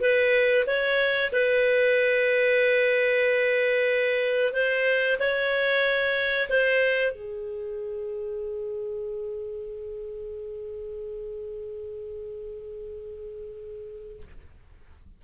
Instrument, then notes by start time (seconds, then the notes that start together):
clarinet
0.00 B4
0.66 C#5
1.32 B4
4.52 C5
5.19 C#5
6.49 C5
7.12 G#4